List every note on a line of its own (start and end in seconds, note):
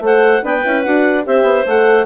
0.00 0.41 A3
0.00 0.42 A4
0.00 0.43 C5
0.00 0.45 F#5
0.43 0.64 B3
0.43 0.63 D4
0.43 1.25 B4
0.43 0.83 G5
0.65 0.86 C#4
0.65 0.84 E4
0.83 1.27 D4
0.83 1.24 F#4
0.83 1.24 F#5
1.24 1.43 C4
1.24 1.65 G4
1.24 2.06 C5
1.24 1.67 E5
1.43 1.63 B3
1.66 2.06 A3
1.66 2.06 A4
1.66 2.06 F#5